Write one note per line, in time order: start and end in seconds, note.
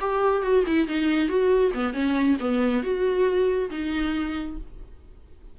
0.00 0.42 G4
0.42 0.64 F#4
0.67 0.87 E4
0.87 1.28 D#4
1.28 1.72 F#4
1.74 1.93 B3
1.93 2.37 C#4
2.40 2.83 B3
2.83 3.70 F#4
3.70 4.57 D#4